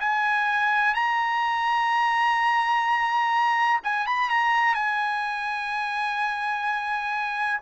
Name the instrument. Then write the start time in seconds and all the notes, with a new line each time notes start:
trumpet
0.00 G#5
0.95 A#5
3.84 G#5
4.06 B5
4.30 A#5
4.74 G#5